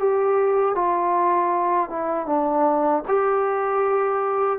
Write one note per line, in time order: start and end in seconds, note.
0.00 0.76 G4
0.76 1.90 F4
1.90 2.27 E4
2.27 3.03 D4
3.08 4.59 G4